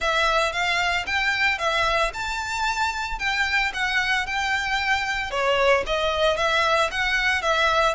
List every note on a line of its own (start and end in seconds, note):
0.00 0.52 E5
0.52 1.05 F5
1.06 1.58 G5
1.58 2.11 E5
2.13 3.19 A5
3.19 3.72 G5
3.73 4.26 F#5
4.26 5.30 G5
5.30 5.83 C#5
5.86 6.36 D#5
6.36 6.90 E5
6.91 7.42 F#5
7.42 7.95 E5